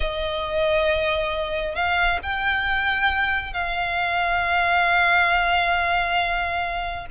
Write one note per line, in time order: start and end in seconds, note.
0.00 1.75 D#5
1.75 2.19 F5
2.22 3.53 G5
3.53 7.06 F5